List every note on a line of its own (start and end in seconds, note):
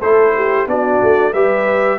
0.00 0.67 A3
0.00 0.68 E4
0.00 0.33 A4
0.00 0.67 C5
0.36 0.69 G4
0.67 1.00 B3
0.67 1.34 D4
0.67 1.33 F#4
0.67 1.34 D5
1.03 1.34 A3
1.33 1.99 G3
1.33 1.99 G4
1.33 1.99 B4
1.33 1.99 E5